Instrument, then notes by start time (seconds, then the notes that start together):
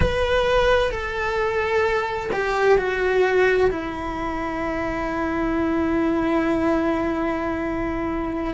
cello
0.00 B4
0.91 A4
2.32 G4
2.77 F#4
3.70 E4